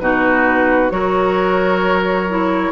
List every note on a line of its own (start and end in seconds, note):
0.00 0.91 B2
0.00 0.90 D#4
0.00 0.93 F#4
0.00 0.91 B4
0.90 2.73 F#3
0.90 2.27 F#4
0.90 2.73 A#4
0.90 2.73 C#5
2.30 2.73 E4